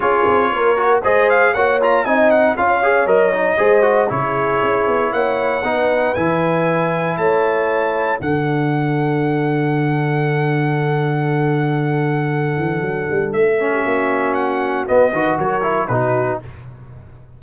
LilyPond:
<<
  \new Staff \with { instrumentName = "trumpet" } { \time 4/4 \tempo 4 = 117 cis''2 dis''8 f''8 fis''8 ais''8 | gis''8 fis''8 f''4 dis''2 | cis''2 fis''2 | gis''2 a''2 |
fis''1~ | fis''1~ | fis''2 e''2 | fis''4 dis''4 cis''4 b'4 | }
  \new Staff \with { instrumentName = "horn" } { \time 4/4 gis'4 ais'4 c''4 cis''4 | dis''4 cis''2 c''4 | gis'2 cis''4 b'4~ | b'2 cis''2 |
a'1~ | a'1~ | a'2~ a'8. g'16 fis'4~ | fis'4. b'8 ais'4 fis'4 | }
  \new Staff \with { instrumentName = "trombone" } { \time 4/4 f'4. fis'8 gis'4 fis'8 f'8 | dis'4 f'8 gis'8 ais'8 dis'8 gis'8 fis'8 | e'2. dis'4 | e'1 |
d'1~ | d'1~ | d'2~ d'8 cis'4.~ | cis'4 b8 fis'4 e'8 dis'4 | }
  \new Staff \with { instrumentName = "tuba" } { \time 4/4 cis'8 c'8 ais4 gis4 ais4 | c'4 cis'4 fis4 gis4 | cis4 cis'8 b8 ais4 b4 | e2 a2 |
d1~ | d1~ | d8 e8 fis8 g8 a4 ais4~ | ais4 b8 dis8 fis4 b,4 | }
>>